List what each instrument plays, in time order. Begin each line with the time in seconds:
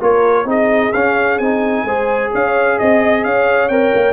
0.00 tuba A#3, trombone F4, horn A#4, trumpet C#5
0.45 tuba C4, trombone D#4, horn G#4, trumpet D#5
0.93 tuba C#4, trombone C#4, trumpet F5
1.39 tuba C4, trombone D#4, trumpet G#5
1.85 tuba G#3, trombone G#4, horn C5
2.32 tuba C#4, horn C#5, trumpet F5
2.79 tuba C4, trumpet D#5, horn D#5
3.24 tuba C#4, horn C#5, trumpet F5
3.69 tuba C4, trombone A#4, trumpet G5
3.95 tuba A#3